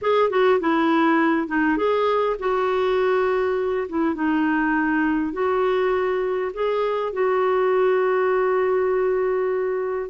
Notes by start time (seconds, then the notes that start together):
0.01 G#4
0.30 F#4
0.60 E4
1.47 D#4
1.77 G#4
2.39 F#4
3.88 E4
4.14 D#4
5.32 F#4
6.53 G#4
7.13 F#4